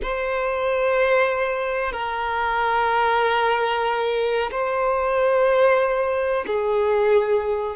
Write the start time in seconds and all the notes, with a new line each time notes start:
0.02 C5
1.92 A#4
4.51 C5
6.46 G#4